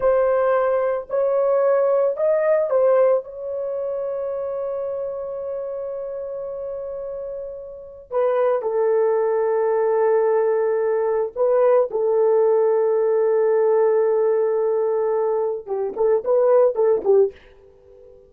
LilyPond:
\new Staff \with { instrumentName = "horn" } { \time 4/4 \tempo 4 = 111 c''2 cis''2 | dis''4 c''4 cis''2~ | cis''1~ | cis''2. b'4 |
a'1~ | a'4 b'4 a'2~ | a'1~ | a'4 g'8 a'8 b'4 a'8 g'8 | }